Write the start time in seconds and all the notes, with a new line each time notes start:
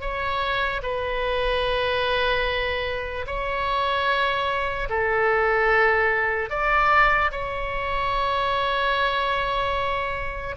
0.00 C#5
0.82 B4
3.26 C#5
4.89 A4
6.49 D5
7.31 C#5